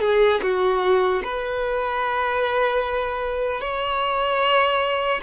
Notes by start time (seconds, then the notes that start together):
0.00 G#4
0.42 F#4
1.24 B4
3.61 C#5